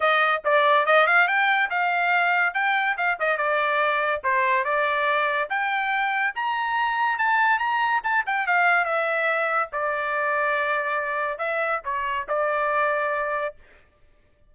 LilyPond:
\new Staff \with { instrumentName = "trumpet" } { \time 4/4 \tempo 4 = 142 dis''4 d''4 dis''8 f''8 g''4 | f''2 g''4 f''8 dis''8 | d''2 c''4 d''4~ | d''4 g''2 ais''4~ |
ais''4 a''4 ais''4 a''8 g''8 | f''4 e''2 d''4~ | d''2. e''4 | cis''4 d''2. | }